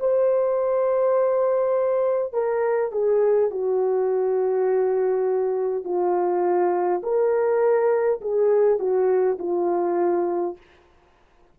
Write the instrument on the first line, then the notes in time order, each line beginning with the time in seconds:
horn
0.00 C5
2.33 A#4
2.91 G#4
3.50 F#4
5.84 F4
7.03 A#4
8.21 G#4
8.79 F#4
9.39 F4